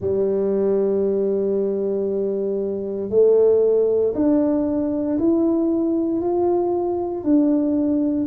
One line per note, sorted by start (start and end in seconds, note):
0.00 3.09 G3
3.09 4.13 A3
4.14 5.18 D4
5.19 6.21 E4
6.21 7.23 F4
7.23 8.27 D4